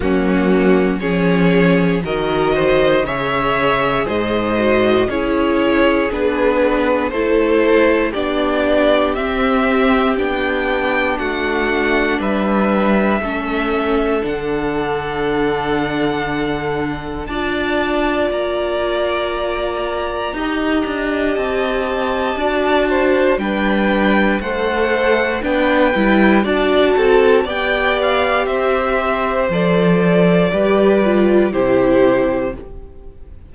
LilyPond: <<
  \new Staff \with { instrumentName = "violin" } { \time 4/4 \tempo 4 = 59 fis'4 cis''4 dis''4 e''4 | dis''4 cis''4 b'4 c''4 | d''4 e''4 g''4 fis''4 | e''2 fis''2~ |
fis''4 a''4 ais''2~ | ais''4 a''2 g''4 | fis''4 g''4 a''4 g''8 f''8 | e''4 d''2 c''4 | }
  \new Staff \with { instrumentName = "violin" } { \time 4/4 cis'4 gis'4 ais'8 c''8 cis''4 | c''4 gis'2 a'4 | g'2. fis'4 | b'4 a'2.~ |
a'4 d''2. | dis''2 d''8 c''8 b'4 | c''4 b'4 d''8 a'8 d''4 | c''2 b'4 g'4 | }
  \new Staff \with { instrumentName = "viola" } { \time 4/4 ais4 cis'4 fis'4 gis'4~ | gis'8 fis'8 e'4 d'4 e'4 | d'4 c'4 d'2~ | d'4 cis'4 d'2~ |
d'4 f'2. | g'2 fis'4 d'4 | a'4 d'8 e'8 fis'4 g'4~ | g'4 a'4 g'8 f'8 e'4 | }
  \new Staff \with { instrumentName = "cello" } { \time 4/4 fis4 f4 dis4 cis4 | gis,4 cis'4 b4 a4 | b4 c'4 b4 a4 | g4 a4 d2~ |
d4 d'4 ais2 | dis'8 d'8 c'4 d'4 g4 | a4 b8 g8 d'8 c'8 b4 | c'4 f4 g4 c4 | }
>>